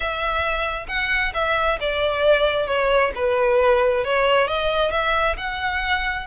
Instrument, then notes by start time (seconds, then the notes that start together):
violin
0.00 E5
0.88 F#5
1.34 E5
1.80 D5
2.66 C#5
3.15 B4
4.04 C#5
4.47 D#5
4.91 E5
5.37 F#5